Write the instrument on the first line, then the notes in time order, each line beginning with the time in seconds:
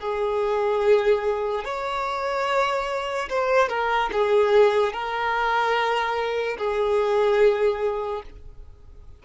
violin
0.00 G#4
1.64 C#5
3.29 C5
3.69 A#4
4.12 G#4
4.93 A#4
6.58 G#4